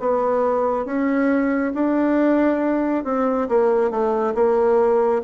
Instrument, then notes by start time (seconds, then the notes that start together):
bassoon
0.00 B3
0.86 C#4
1.75 D4
3.05 C4
3.49 A#3
3.91 A3
4.35 A#3